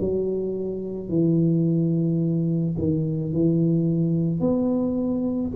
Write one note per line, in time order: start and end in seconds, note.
0.00 1.09 F#3
1.09 2.76 E3
2.78 3.33 D#3
3.33 4.40 E3
4.40 5.52 B3